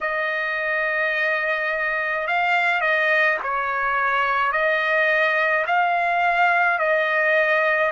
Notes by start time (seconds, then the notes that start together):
0.01 D#5
2.26 F5
2.80 D#5
3.43 C#5
4.52 D#5
5.67 F5
6.78 D#5